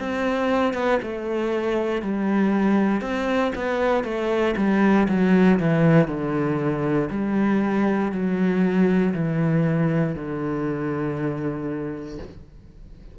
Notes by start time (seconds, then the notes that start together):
0.00 C4
0.74 B3
1.03 A3
2.02 G3
3.01 C4
3.55 B3
4.04 A3
4.57 G3
5.08 F#3
5.60 E3
6.08 D3
7.10 G3
8.12 F#3
9.14 E3
10.16 D3